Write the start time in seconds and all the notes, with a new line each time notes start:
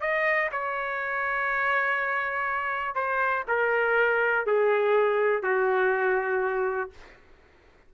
0.00 D#5
0.51 C#5
2.95 C5
3.48 A#4
4.46 G#4
5.42 F#4